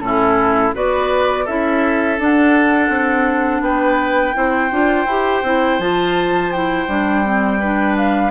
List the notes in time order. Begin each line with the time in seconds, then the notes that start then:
0.00 A2 C#4 E4 A4
0.74 B3 F#4 B4 D5
1.45 C#4 E4 A4 E5
2.19 D4 F#5
2.89 C4
3.61 B3 B4 G5
4.35 C4 E4 C5
4.71 D4 F4
5.06 E4 G4
5.43 C4 E4
5.79 F3 F4 A5
6.52 E4 G5
6.87 G3 D4
7.24 C4
7.59 D4 B4
7.97 F5